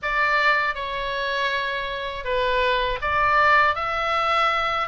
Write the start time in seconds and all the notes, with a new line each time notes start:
0.02 D5
0.74 C#5
2.24 B4
3.01 D5
3.75 E5